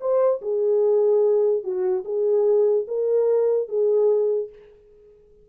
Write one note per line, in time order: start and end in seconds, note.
0.00 0.41 C5
0.41 1.63 G#4
1.63 2.04 F#4
2.05 2.86 G#4
2.87 3.68 A#4
3.68 4.49 G#4